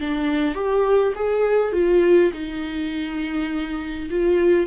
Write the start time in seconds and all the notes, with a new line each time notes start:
0.00 D4
0.54 G4
1.15 G#4
1.72 F4
2.33 D#4
4.10 F4